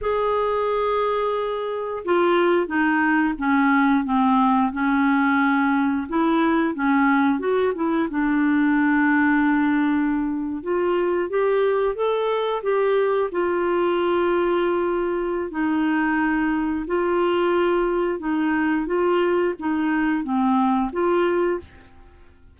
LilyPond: \new Staff \with { instrumentName = "clarinet" } { \time 4/4 \tempo 4 = 89 gis'2. f'4 | dis'4 cis'4 c'4 cis'4~ | cis'4 e'4 cis'4 fis'8 e'8 | d'2.~ d'8. f'16~ |
f'8. g'4 a'4 g'4 f'16~ | f'2. dis'4~ | dis'4 f'2 dis'4 | f'4 dis'4 c'4 f'4 | }